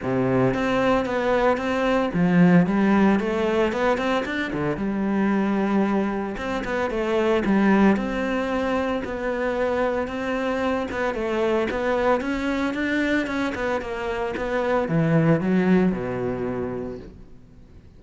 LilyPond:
\new Staff \with { instrumentName = "cello" } { \time 4/4 \tempo 4 = 113 c4 c'4 b4 c'4 | f4 g4 a4 b8 c'8 | d'8 d8 g2. | c'8 b8 a4 g4 c'4~ |
c'4 b2 c'4~ | c'8 b8 a4 b4 cis'4 | d'4 cis'8 b8 ais4 b4 | e4 fis4 b,2 | }